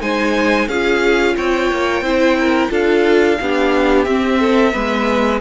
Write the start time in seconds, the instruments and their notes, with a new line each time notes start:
0.00 cello G#3, viola D#4, violin C5 G#5
0.68 cello C#4, viola F4, violin G#4 F5
1.37 cello C4, violin C#5 G5
1.71 cello A#3
2.01 cello C4, viola E4, violin C5
2.40 violin A#4
2.70 cello D4, viola F4, violin A4 F5
3.41 cello B3, viola D4, violin G4
4.04 cello C4, viola C4, violin E5
4.40 violin A4
4.71 cello G#3, viola B3, violin B4